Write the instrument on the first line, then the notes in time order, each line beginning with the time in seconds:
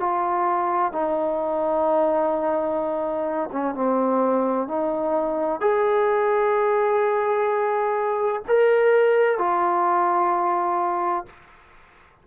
trombone
0.00 F4
0.92 D#4
3.52 C#4
3.75 C4
4.68 D#4
5.61 G#4
8.48 A#4
9.38 F4